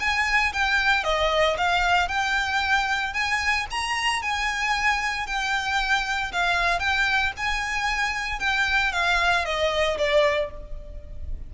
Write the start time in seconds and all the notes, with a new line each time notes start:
0.00 G#5
0.53 G5
1.04 D#5
1.57 F5
2.08 G5
3.13 G#5
3.71 A#5
4.22 G#5
5.27 G5
6.32 F5
6.79 G5
7.37 G#5
8.40 G5
8.92 F5
9.45 D#5
9.98 D5